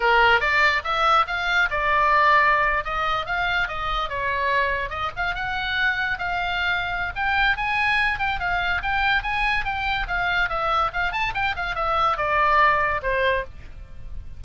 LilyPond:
\new Staff \with { instrumentName = "oboe" } { \time 4/4 \tempo 4 = 143 ais'4 d''4 e''4 f''4 | d''2~ d''8. dis''4 f''16~ | f''8. dis''4 cis''2 dis''16~ | dis''16 f''8 fis''2 f''4~ f''16~ |
f''4 g''4 gis''4. g''8 | f''4 g''4 gis''4 g''4 | f''4 e''4 f''8 a''8 g''8 f''8 | e''4 d''2 c''4 | }